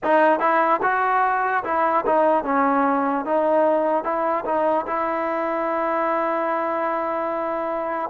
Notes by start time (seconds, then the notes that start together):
0.03 D#4
0.39 E4
0.82 F#4
1.64 E4
2.05 D#4
2.44 C#4
3.25 D#4
4.04 E4
4.45 D#4
4.86 E4